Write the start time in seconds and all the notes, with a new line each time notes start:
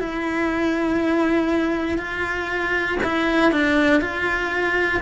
0.00 E4
1.99 F4
3.04 E4
3.52 D4
4.02 F4